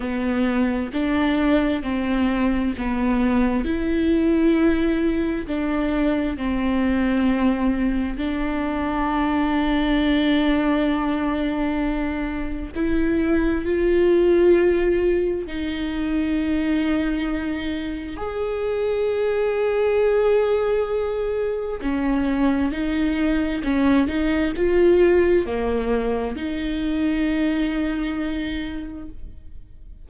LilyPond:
\new Staff \with { instrumentName = "viola" } { \time 4/4 \tempo 4 = 66 b4 d'4 c'4 b4 | e'2 d'4 c'4~ | c'4 d'2.~ | d'2 e'4 f'4~ |
f'4 dis'2. | gis'1 | cis'4 dis'4 cis'8 dis'8 f'4 | ais4 dis'2. | }